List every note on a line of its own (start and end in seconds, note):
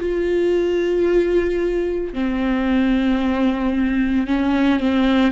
0.00 2.14 F4
2.14 4.27 C4
4.27 4.80 C#4
4.80 5.32 C4